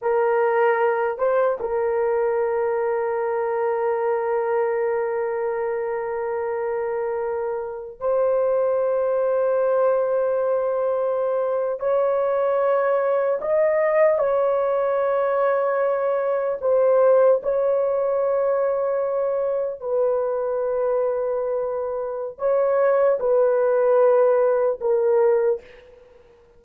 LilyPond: \new Staff \with { instrumentName = "horn" } { \time 4/4 \tempo 4 = 75 ais'4. c''8 ais'2~ | ais'1~ | ais'2 c''2~ | c''2~ c''8. cis''4~ cis''16~ |
cis''8. dis''4 cis''2~ cis''16~ | cis''8. c''4 cis''2~ cis''16~ | cis''8. b'2.~ b'16 | cis''4 b'2 ais'4 | }